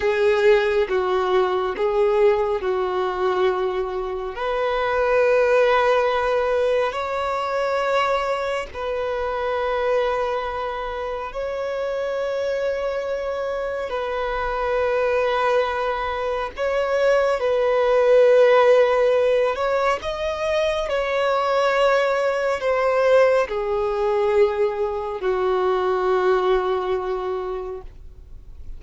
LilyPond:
\new Staff \with { instrumentName = "violin" } { \time 4/4 \tempo 4 = 69 gis'4 fis'4 gis'4 fis'4~ | fis'4 b'2. | cis''2 b'2~ | b'4 cis''2. |
b'2. cis''4 | b'2~ b'8 cis''8 dis''4 | cis''2 c''4 gis'4~ | gis'4 fis'2. | }